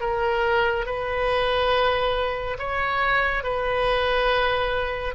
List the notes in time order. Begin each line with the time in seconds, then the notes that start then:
0.00 A#4
0.86 B4
2.58 C#5
3.43 B4